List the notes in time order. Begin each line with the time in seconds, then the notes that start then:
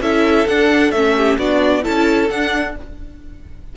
0.00 C#4 E4 A4 E5
0.47 D4 F#5
0.91 A3 C#4 E5
1.16 G4
1.38 B3 D4 F#4 D5
1.82 C#4 E4 A4 A5
2.30 D4 F#5